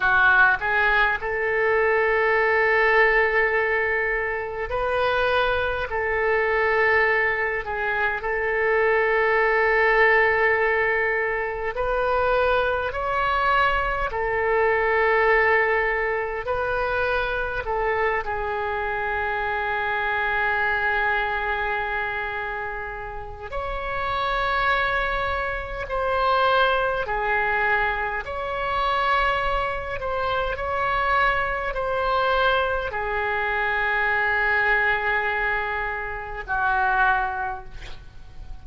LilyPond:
\new Staff \with { instrumentName = "oboe" } { \time 4/4 \tempo 4 = 51 fis'8 gis'8 a'2. | b'4 a'4. gis'8 a'4~ | a'2 b'4 cis''4 | a'2 b'4 a'8 gis'8~ |
gis'1 | cis''2 c''4 gis'4 | cis''4. c''8 cis''4 c''4 | gis'2. fis'4 | }